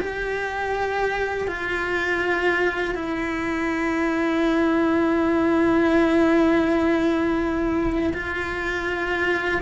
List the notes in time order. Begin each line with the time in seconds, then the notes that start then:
0.00 G4
1.47 F4
2.94 E4
8.13 F4